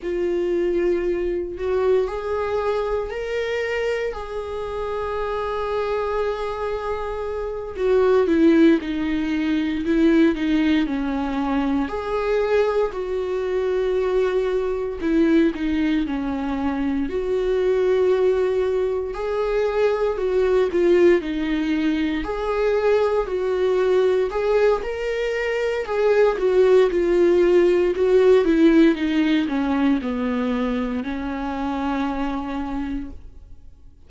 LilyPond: \new Staff \with { instrumentName = "viola" } { \time 4/4 \tempo 4 = 58 f'4. fis'8 gis'4 ais'4 | gis'2.~ gis'8 fis'8 | e'8 dis'4 e'8 dis'8 cis'4 gis'8~ | gis'8 fis'2 e'8 dis'8 cis'8~ |
cis'8 fis'2 gis'4 fis'8 | f'8 dis'4 gis'4 fis'4 gis'8 | ais'4 gis'8 fis'8 f'4 fis'8 e'8 | dis'8 cis'8 b4 cis'2 | }